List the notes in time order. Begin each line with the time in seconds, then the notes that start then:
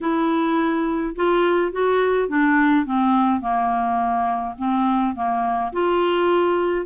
0.01 E4
1.15 F4
1.72 F#4
2.28 D4
2.85 C4
3.40 A#3
4.57 C4
5.15 A#3
5.72 F4